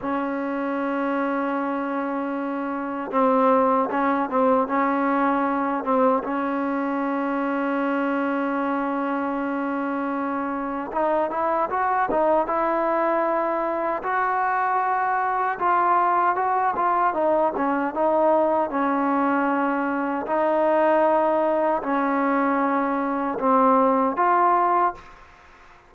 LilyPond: \new Staff \with { instrumentName = "trombone" } { \time 4/4 \tempo 4 = 77 cis'1 | c'4 cis'8 c'8 cis'4. c'8 | cis'1~ | cis'2 dis'8 e'8 fis'8 dis'8 |
e'2 fis'2 | f'4 fis'8 f'8 dis'8 cis'8 dis'4 | cis'2 dis'2 | cis'2 c'4 f'4 | }